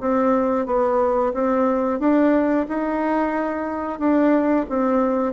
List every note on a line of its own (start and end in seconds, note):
0.00 0.65 C4
0.65 1.32 B3
1.33 1.99 C4
1.99 2.66 D4
2.68 3.98 D#4
3.98 4.65 D4
4.69 5.33 C4